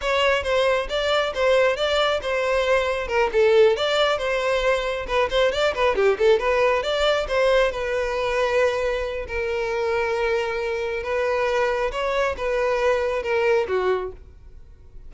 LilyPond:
\new Staff \with { instrumentName = "violin" } { \time 4/4 \tempo 4 = 136 cis''4 c''4 d''4 c''4 | d''4 c''2 ais'8 a'8~ | a'8 d''4 c''2 b'8 | c''8 d''8 b'8 g'8 a'8 b'4 d''8~ |
d''8 c''4 b'2~ b'8~ | b'4 ais'2.~ | ais'4 b'2 cis''4 | b'2 ais'4 fis'4 | }